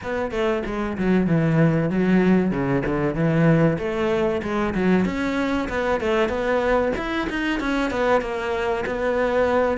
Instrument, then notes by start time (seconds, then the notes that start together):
cello
0.02 B3
0.31 A3
0.65 G#3
0.97 F#3
1.26 E3
1.89 F#3
2.51 C#3
2.85 D3
3.14 E3
3.78 A3
4.42 G#3
4.74 F#3
5.05 C#4
5.68 B3
6.00 A3
6.28 B3
6.96 E4
7.29 D#4
7.60 C#4
7.90 B3
8.21 A#3
8.86 B3